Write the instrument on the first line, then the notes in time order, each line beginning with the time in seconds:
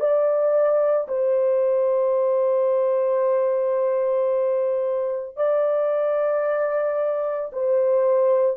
horn
0.00 D5
1.08 C5
5.37 D5
7.52 C5